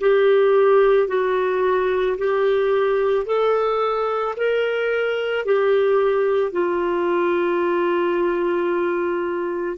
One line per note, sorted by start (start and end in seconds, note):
0.00 1.08 G4
1.08 2.17 F#4
2.18 3.26 G4
3.26 4.35 A4
4.36 5.45 A#4
5.45 6.52 G4
6.52 9.78 F4